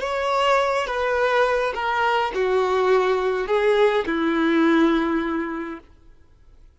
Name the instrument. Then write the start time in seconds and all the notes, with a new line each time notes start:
violin
0.00 C#5
0.87 B4
1.74 A#4
2.34 F#4
3.47 G#4
4.06 E4